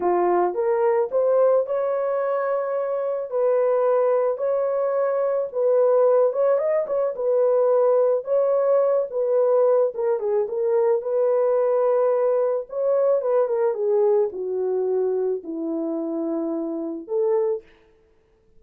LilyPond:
\new Staff \with { instrumentName = "horn" } { \time 4/4 \tempo 4 = 109 f'4 ais'4 c''4 cis''4~ | cis''2 b'2 | cis''2 b'4. cis''8 | dis''8 cis''8 b'2 cis''4~ |
cis''8 b'4. ais'8 gis'8 ais'4 | b'2. cis''4 | b'8 ais'8 gis'4 fis'2 | e'2. a'4 | }